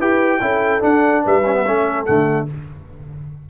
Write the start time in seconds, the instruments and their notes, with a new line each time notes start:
0.00 tuba E4, trombone G4, horn B4, trumpet G5
0.41 tuba C#4, trombone E4, horn A4
0.81 trombone D4, tuba D4, trumpet F#5
1.24 tuba G3, horn B4, trumpet E5
1.47 trombone C#4
1.55 trombone B3
1.65 tuba A3, trombone C#4, horn A4
2.06 tuba D3, trombone A3, trumpet F#5